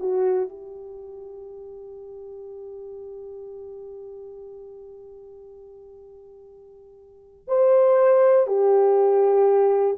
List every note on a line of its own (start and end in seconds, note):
0.00 0.49 F#4
0.49 7.48 G4
7.48 8.48 C5
8.48 9.98 G4